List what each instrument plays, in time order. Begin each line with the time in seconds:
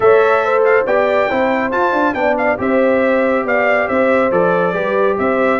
0.00 tuba A3, trombone A4, horn C#5, trumpet E5
0.44 horn C5
0.64 trumpet F5
0.86 tuba B3, trombone G4, horn D5, trumpet G5
1.29 tuba C4, trombone E4, horn C5
1.71 trombone F4, tuba F4, trumpet A5
1.92 tuba D4
2.14 tuba B3, trombone D4, horn D5, trumpet G5
2.37 trumpet F5
2.57 tuba C4, trombone G4, horn C5, trumpet E5
3.44 tuba B3, horn D5, trumpet F5
3.88 tuba C4, horn C5, trumpet E5
4.31 tuba F3, trombone A4, trumpet D5
4.73 tuba G3, trombone G4, horn B4
5.18 tuba C4, horn C5, trumpet E5